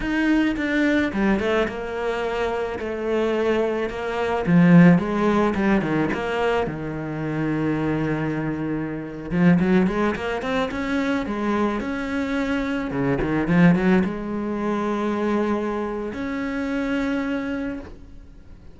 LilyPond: \new Staff \with { instrumentName = "cello" } { \time 4/4 \tempo 4 = 108 dis'4 d'4 g8 a8 ais4~ | ais4 a2 ais4 | f4 gis4 g8 dis8 ais4 | dis1~ |
dis8. f8 fis8 gis8 ais8 c'8 cis'8.~ | cis'16 gis4 cis'2 cis8 dis16~ | dis16 f8 fis8 gis2~ gis8.~ | gis4 cis'2. | }